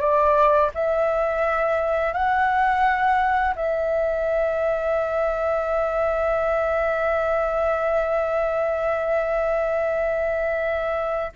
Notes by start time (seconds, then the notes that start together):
0.00 D5
0.74 E5
2.13 F#5
3.56 E5